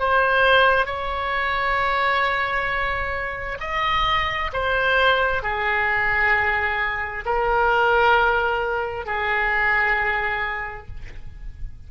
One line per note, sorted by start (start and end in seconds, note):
0.00 0.86 C5
0.86 3.59 C#5
3.61 4.52 D#5
4.53 5.43 C5
5.43 7.25 G#4
7.26 9.06 A#4
9.06 10.88 G#4